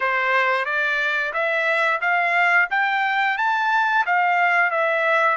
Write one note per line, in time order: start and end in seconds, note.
0.00 0.65 C5
0.65 1.32 D5
1.33 2.00 E5
2.01 2.68 F5
2.70 3.37 G5
3.37 4.05 A5
4.05 4.70 F5
4.70 5.37 E5